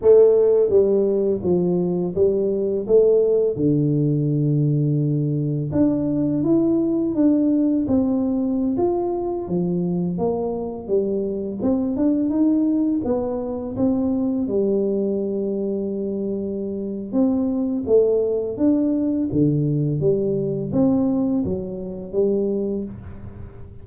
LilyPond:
\new Staff \with { instrumentName = "tuba" } { \time 4/4 \tempo 4 = 84 a4 g4 f4 g4 | a4 d2. | d'4 e'4 d'4 c'4~ | c'16 f'4 f4 ais4 g8.~ |
g16 c'8 d'8 dis'4 b4 c'8.~ | c'16 g2.~ g8. | c'4 a4 d'4 d4 | g4 c'4 fis4 g4 | }